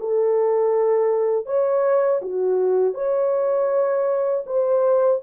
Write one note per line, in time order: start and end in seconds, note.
0.00 1.46 A4
1.46 2.21 C#5
2.22 2.95 F#4
2.95 4.45 C#5
4.47 5.22 C5